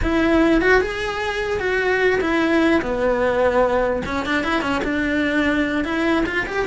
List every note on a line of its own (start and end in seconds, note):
0.02 0.61 E4
0.61 0.81 F#4
0.81 1.59 G#4
1.59 2.20 F#4
2.20 2.81 E4
2.81 4.02 B3
4.05 4.25 C#4
4.25 4.43 D4
4.43 4.61 E4
4.61 4.81 C#4
4.84 5.84 D4
5.84 6.24 E4
6.25 6.46 F4
6.46 6.66 G4